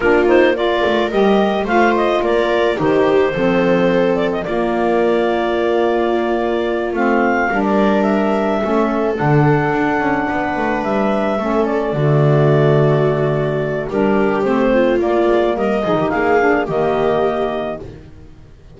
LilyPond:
<<
  \new Staff \with { instrumentName = "clarinet" } { \time 4/4 \tempo 4 = 108 ais'8 c''8 d''4 dis''4 f''8 dis''8 | d''4 c''2~ c''8 d''16 dis''16 | d''1~ | d''8 f''4~ f''16 d''8. e''4.~ |
e''8 fis''2. e''8~ | e''4 d''2.~ | d''4 ais'4 c''4 d''4 | dis''4 f''4 dis''2 | }
  \new Staff \with { instrumentName = "viola" } { \time 4/4 f'4 ais'2 c''4 | ais'4 g'4 a'2 | f'1~ | f'4. ais'2 a'8~ |
a'2~ a'8 b'4.~ | b'8 a'4 fis'2~ fis'8~ | fis'4 g'4. f'4. | ais'8 gis'16 g'16 gis'4 g'2 | }
  \new Staff \with { instrumentName = "saxophone" } { \time 4/4 d'8 dis'8 f'4 g'4 f'4~ | f'4 dis'4 c'2 | ais1~ | ais8 c'4 d'2 cis'8~ |
cis'8 d'2.~ d'8~ | d'8 cis'4 a2~ a8~ | a4 d'4 c'4 ais4~ | ais8 dis'4 d'8 ais2 | }
  \new Staff \with { instrumentName = "double bass" } { \time 4/4 ais4. a8 g4 a4 | ais4 dis4 f2 | ais1~ | ais8 a4 g2 a8~ |
a8 d4 d'8 cis'8 b8 a8 g8~ | g8 a4 d2~ d8~ | d4 g4 a4 ais8 gis8 | g8 f16 dis16 ais4 dis2 | }
>>